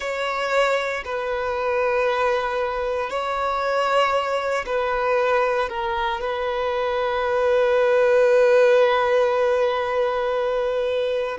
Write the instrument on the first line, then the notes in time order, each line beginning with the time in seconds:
violin
0.00 C#5
1.04 B4
3.09 C#5
4.66 B4
5.69 A#4
6.21 B4